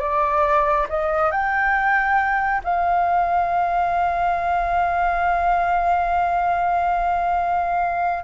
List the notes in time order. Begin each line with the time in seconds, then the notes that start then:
0.00 D5
0.90 D#5
1.32 G5
2.64 F5